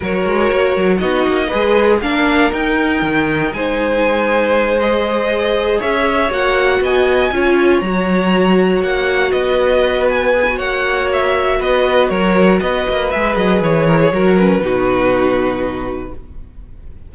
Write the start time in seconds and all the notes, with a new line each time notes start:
0.00 F#3 F#4 A#4 C#5
0.25 G#3
0.51 A#3
0.76 F#3
0.97 B3 D#4 F#4 D#5
1.27 A#3
1.47 G#3 G#4 B4
2.01 A#3 D4 A#4 F5
2.52 D#4 G5
3.02 D#3
3.52 G#3 C5 G#5
4.80 G#4 D#5
5.78 C#4 C#5 E5
6.29 A#3 F#4 F#5
6.80 B3 D#5 G#5
7.31 C#4 F4 C#5
7.80 F#3 F#4 A#5
8.82 A#3 F#5
9.31 B3 B4 D#5
10.09 G#5
10.34 G#4
10.48 F#4
10.56 A#3 C#5 F#5
11.12 E5
11.59 B3 B4 D#5
12.09 F#3 A#4 C#5
12.60 B3 B4 D#5
12.89 A#3
13.10 G#3 G#4 E5
13.36 F#3 D#5
13.61 E3 C#5
13.86 A#4
14.00 G#4
14.11 F#3 F#4 A#4
14.37 C#4 B4
14.58 B2 D#4 F#4